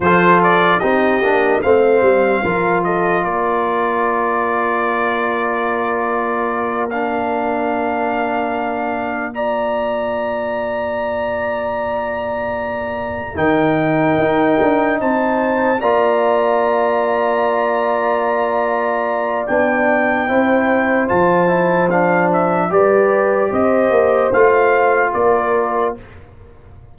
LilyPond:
<<
  \new Staff \with { instrumentName = "trumpet" } { \time 4/4 \tempo 4 = 74 c''8 d''8 dis''4 f''4. dis''8 | d''1~ | d''8 f''2. ais''8~ | ais''1~ |
ais''8 g''2 a''4 ais''8~ | ais''1 | g''2 a''4 f''8 e''8 | d''4 dis''4 f''4 d''4 | }
  \new Staff \with { instrumentName = "horn" } { \time 4/4 a'4 g'4 c''4 ais'8 a'8 | ais'1~ | ais'2.~ ais'8 d''8~ | d''1~ |
d''8 ais'2 c''4 d''8~ | d''1~ | d''4 c''2. | b'4 c''2 ais'4 | }
  \new Staff \with { instrumentName = "trombone" } { \time 4/4 f'4 dis'8 d'8 c'4 f'4~ | f'1~ | f'8 d'2. f'8~ | f'1~ |
f'8 dis'2. f'8~ | f'1 | d'4 e'4 f'8 e'8 d'4 | g'2 f'2 | }
  \new Staff \with { instrumentName = "tuba" } { \time 4/4 f4 c'8 ais8 a8 g8 f4 | ais1~ | ais1~ | ais1~ |
ais8 dis4 dis'8 d'8 c'4 ais8~ | ais1 | b4 c'4 f2 | g4 c'8 ais8 a4 ais4 | }
>>